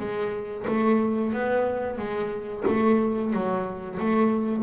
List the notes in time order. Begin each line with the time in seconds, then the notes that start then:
0.00 G#3
0.68 A3
1.33 B3
1.98 G#3
2.67 A3
3.33 F#3
4.00 A3